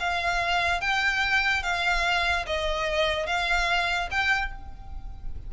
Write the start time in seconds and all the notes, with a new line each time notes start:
0.00 F5
0.81 G5
1.63 F5
2.47 D#5
3.27 F5
4.11 G5